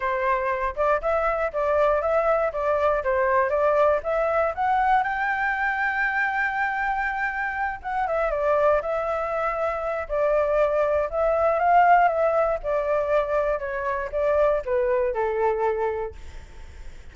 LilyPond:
\new Staff \with { instrumentName = "flute" } { \time 4/4 \tempo 4 = 119 c''4. d''8 e''4 d''4 | e''4 d''4 c''4 d''4 | e''4 fis''4 g''2~ | g''2.~ g''8 fis''8 |
e''8 d''4 e''2~ e''8 | d''2 e''4 f''4 | e''4 d''2 cis''4 | d''4 b'4 a'2 | }